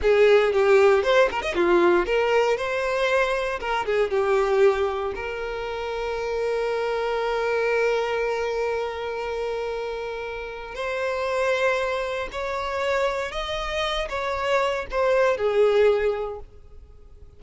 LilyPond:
\new Staff \with { instrumentName = "violin" } { \time 4/4 \tempo 4 = 117 gis'4 g'4 c''8 ais'16 dis''16 f'4 | ais'4 c''2 ais'8 gis'8 | g'2 ais'2~ | ais'1~ |
ais'1~ | ais'4 c''2. | cis''2 dis''4. cis''8~ | cis''4 c''4 gis'2 | }